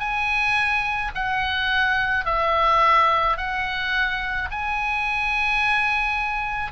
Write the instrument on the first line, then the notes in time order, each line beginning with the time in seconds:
oboe
0.00 G#5
1.15 F#5
2.26 E5
3.38 F#5
4.51 G#5